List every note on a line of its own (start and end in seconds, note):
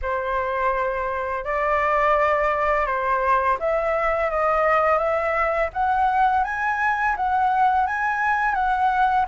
0.02 1.44 C5
1.44 2.86 D5
2.86 3.57 C5
3.59 4.30 E5
4.30 4.98 D#5
4.98 5.69 E5
5.73 6.44 F#5
6.44 7.15 G#5
7.16 7.86 F#5
7.86 8.54 G#5
8.54 9.25 F#5